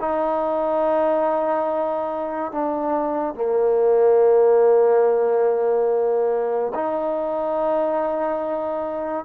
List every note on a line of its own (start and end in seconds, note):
0.00 2.52 D#4
2.52 3.35 D4
3.35 6.73 A#3
6.75 9.25 D#4